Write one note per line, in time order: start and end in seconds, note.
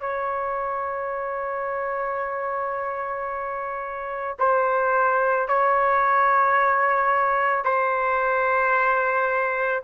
0.00 4.36 C#5
4.39 5.48 C5
5.48 7.65 C#5
7.65 9.83 C5